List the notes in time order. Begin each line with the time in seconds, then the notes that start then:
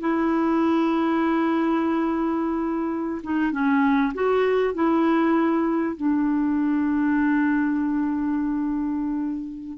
0.00 E4
3.23 D#4
3.51 C#4
4.14 F#4
4.74 E4
5.96 D4